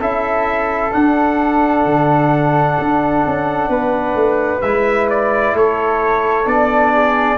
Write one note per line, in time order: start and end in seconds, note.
0.00 0.93 C#4
0.00 0.92 E4
0.00 3.69 A4
0.00 0.93 E5
0.92 4.61 D4
0.92 1.85 D4
0.92 4.62 F#5
1.85 2.78 D3
2.79 3.25 D4
3.27 3.69 C#4
3.69 4.15 B3
3.69 5.54 B4
4.15 4.61 A3
4.62 5.54 G#3
4.62 6.45 E4
4.62 5.08 E5
5.10 5.56 D5
5.54 6.46 A3
5.54 6.92 A4
5.54 6.47 C#5
6.45 7.38 B3
6.45 7.37 D4
6.45 7.38 D5
6.92 7.38 G#4